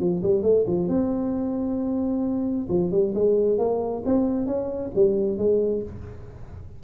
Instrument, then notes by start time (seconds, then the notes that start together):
tuba
0.00 F3
0.23 G3
0.43 A3
0.67 F3
0.88 C4
2.69 F3
2.92 G3
3.15 G#3
3.58 A#3
4.05 C4
4.47 C#4
4.95 G3
5.38 G#3